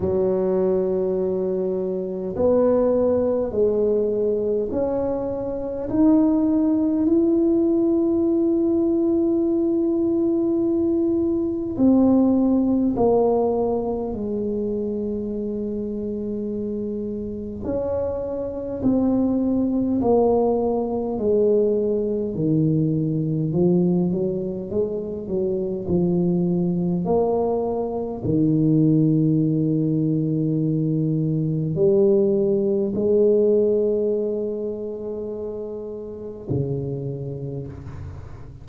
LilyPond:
\new Staff \with { instrumentName = "tuba" } { \time 4/4 \tempo 4 = 51 fis2 b4 gis4 | cis'4 dis'4 e'2~ | e'2 c'4 ais4 | gis2. cis'4 |
c'4 ais4 gis4 dis4 | f8 fis8 gis8 fis8 f4 ais4 | dis2. g4 | gis2. cis4 | }